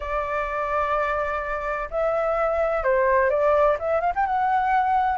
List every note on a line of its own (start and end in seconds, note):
0.00 1.89 D5
1.90 2.83 E5
2.83 3.30 C5
3.30 3.77 D5
3.79 4.00 E5
4.00 4.12 F5
4.15 4.26 G5
4.26 5.18 F#5